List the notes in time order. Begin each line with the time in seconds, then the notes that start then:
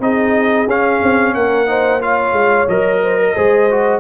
0.00 C4 D#4 G#4 D#5
0.66 C#4 F5
1.03 C4
1.34 A#3 A#4 F#5
1.67 D#4 C5
2.01 F4 C#5 F5
2.32 G#3
2.68 F#3 A#4 D#5
3.02 C5
3.19 A#4
3.35 G#3 G#4 C5
3.70 F#4